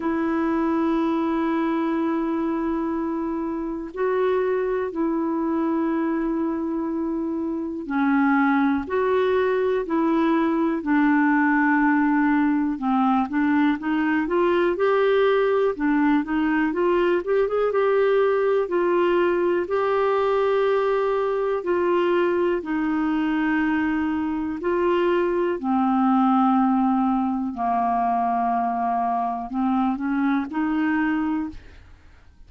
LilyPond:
\new Staff \with { instrumentName = "clarinet" } { \time 4/4 \tempo 4 = 61 e'1 | fis'4 e'2. | cis'4 fis'4 e'4 d'4~ | d'4 c'8 d'8 dis'8 f'8 g'4 |
d'8 dis'8 f'8 g'16 gis'16 g'4 f'4 | g'2 f'4 dis'4~ | dis'4 f'4 c'2 | ais2 c'8 cis'8 dis'4 | }